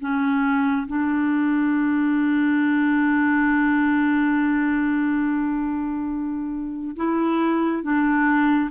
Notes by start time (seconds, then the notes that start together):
0.00 C#4
0.87 D4
6.96 E4
7.83 D4